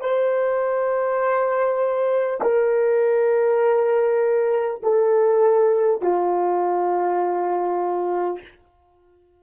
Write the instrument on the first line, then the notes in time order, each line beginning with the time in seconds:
horn
0.00 C5
2.41 A#4
4.83 A4
6.01 F4